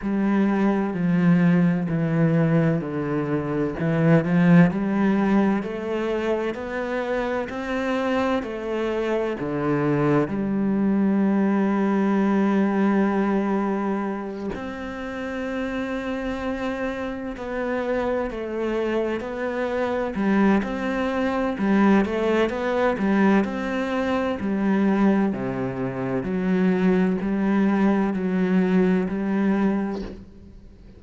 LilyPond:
\new Staff \with { instrumentName = "cello" } { \time 4/4 \tempo 4 = 64 g4 f4 e4 d4 | e8 f8 g4 a4 b4 | c'4 a4 d4 g4~ | g2.~ g8 c'8~ |
c'2~ c'8 b4 a8~ | a8 b4 g8 c'4 g8 a8 | b8 g8 c'4 g4 c4 | fis4 g4 fis4 g4 | }